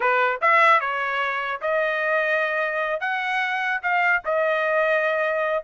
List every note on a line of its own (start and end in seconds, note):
0.00 0.40 B4
0.41 0.80 E5
0.80 1.61 C#5
1.61 3.00 D#5
3.00 3.80 F#5
3.82 4.22 F5
4.24 5.63 D#5